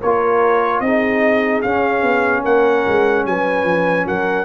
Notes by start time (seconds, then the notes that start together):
0.00 A#3 F4 A#4 C#5
0.80 C4 D#4 G#4 D#5
1.62 C#4 F5
2.02 B3
2.43 A#3 A#4 F#5
2.87 G#3
3.25 F#3 B4 G#5
3.64 F3
4.06 F#3 A#4 F#5